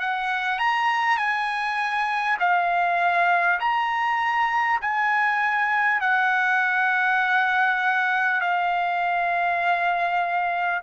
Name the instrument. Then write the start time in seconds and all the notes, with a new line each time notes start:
trumpet
0.00 F#5
0.58 A#5
1.17 G#5
2.39 F5
3.60 A#5
4.81 G#5
6.00 F#5
8.41 F5